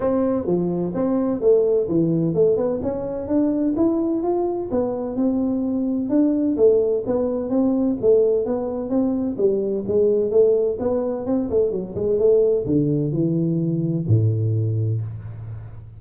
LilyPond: \new Staff \with { instrumentName = "tuba" } { \time 4/4 \tempo 4 = 128 c'4 f4 c'4 a4 | e4 a8 b8 cis'4 d'4 | e'4 f'4 b4 c'4~ | c'4 d'4 a4 b4 |
c'4 a4 b4 c'4 | g4 gis4 a4 b4 | c'8 a8 fis8 gis8 a4 d4 | e2 a,2 | }